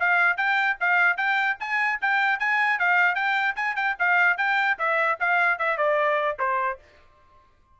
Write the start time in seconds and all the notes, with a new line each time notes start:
0.00 F5
0.37 G5
0.80 F5
1.17 G5
1.60 G#5
2.02 G5
2.40 G#5
2.79 F5
3.15 G5
3.56 G#5
3.76 G5
3.99 F5
4.38 G5
4.79 E5
5.20 F5
5.59 E5
5.78 D5
6.39 C5